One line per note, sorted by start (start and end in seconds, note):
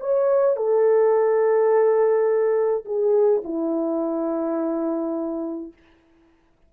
0.00 0.56 C#5
0.56 2.85 A4
2.85 3.42 G#4
3.44 5.73 E4